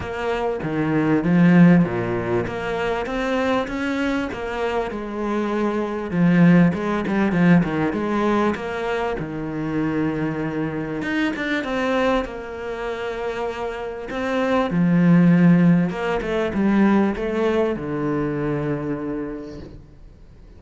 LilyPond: \new Staff \with { instrumentName = "cello" } { \time 4/4 \tempo 4 = 98 ais4 dis4 f4 ais,4 | ais4 c'4 cis'4 ais4 | gis2 f4 gis8 g8 | f8 dis8 gis4 ais4 dis4~ |
dis2 dis'8 d'8 c'4 | ais2. c'4 | f2 ais8 a8 g4 | a4 d2. | }